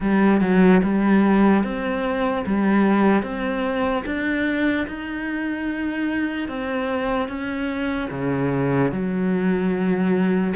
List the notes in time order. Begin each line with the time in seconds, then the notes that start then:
0.00 G3
0.41 F#3
0.83 G3
1.63 C4
2.45 G3
3.22 C4
4.05 D4
4.86 D#4
6.48 C4
7.28 C#4
8.10 C#3
8.92 F#3